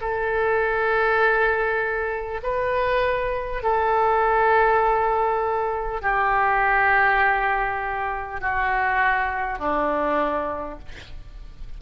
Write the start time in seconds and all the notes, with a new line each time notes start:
0.00 A4
2.43 B4
3.63 A4
6.01 G4
8.40 F#4
9.58 D4